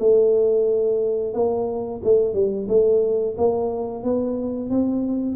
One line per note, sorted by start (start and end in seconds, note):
0.00 1.34 A3
1.34 2.02 A#3
2.04 2.34 A3
2.34 2.68 G3
2.69 3.36 A3
3.38 4.04 A#3
4.04 4.70 B3
4.70 5.36 C4